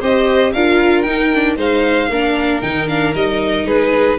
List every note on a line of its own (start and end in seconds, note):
0.00 0.54 C4
0.00 0.55 G4
0.00 0.52 C5
0.00 0.53 D#5
0.53 1.06 D4
0.53 1.06 F4
0.53 1.57 A#4
0.53 1.02 F5
1.02 1.32 D#4
1.02 1.57 D#4
1.02 1.55 G5
1.34 1.57 D4
1.57 2.09 G#3
1.57 2.09 D#4
1.57 2.09 C5
1.57 2.62 F5
2.09 2.61 A#3
2.09 2.62 D4
2.09 3.67 A#4
2.62 3.14 D#3
2.62 2.88 D#4
2.62 2.88 G5
2.88 3.14 D4
2.88 3.15 F5
3.15 3.65 G3
3.15 4.19 D#4
3.15 3.67 D#5
3.65 4.17 G#3
3.65 4.19 G#4
3.65 4.19 B4